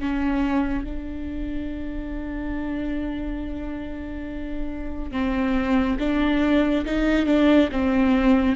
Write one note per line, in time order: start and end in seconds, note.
0.00 0.85 C#4
0.85 5.12 D4
5.12 5.98 C4
6.00 6.86 D4
6.86 7.27 D#4
7.27 7.69 D4
7.72 8.56 C4